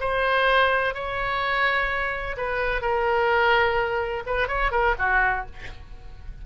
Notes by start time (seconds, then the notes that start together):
0.00 C5
0.94 C#5
2.37 B4
2.82 A#4
4.26 B4
4.48 C#5
4.72 A#4
4.98 F#4